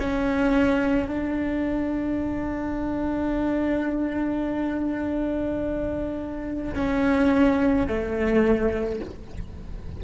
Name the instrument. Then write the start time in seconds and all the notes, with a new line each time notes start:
cello
0.00 C#4
1.09 D4
6.75 C#4
7.88 A3